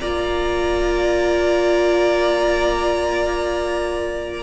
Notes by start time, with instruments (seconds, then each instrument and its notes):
0.00 cello A#3, viola F4, violin D5 A#5